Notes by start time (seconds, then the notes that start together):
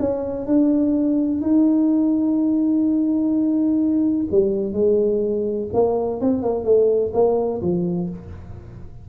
0.00 C#4
0.47 D4
1.41 D#4
4.31 G3
4.73 G#3
5.73 A#3
6.21 C4
6.43 A#3
6.65 A3
7.14 A#3
7.62 F3